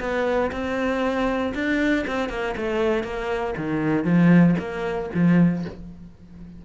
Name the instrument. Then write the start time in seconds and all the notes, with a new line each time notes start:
cello
0.00 B3
0.52 C4
1.55 D4
2.08 C4
2.30 A#3
2.57 A3
3.04 A#3
3.57 D#3
4.05 F3
4.59 A#3
5.14 F3